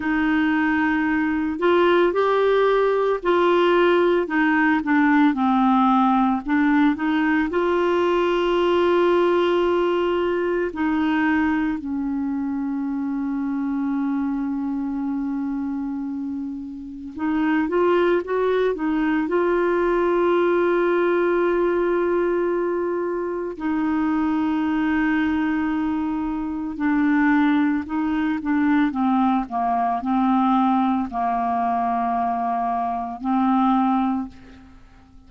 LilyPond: \new Staff \with { instrumentName = "clarinet" } { \time 4/4 \tempo 4 = 56 dis'4. f'8 g'4 f'4 | dis'8 d'8 c'4 d'8 dis'8 f'4~ | f'2 dis'4 cis'4~ | cis'1 |
dis'8 f'8 fis'8 dis'8 f'2~ | f'2 dis'2~ | dis'4 d'4 dis'8 d'8 c'8 ais8 | c'4 ais2 c'4 | }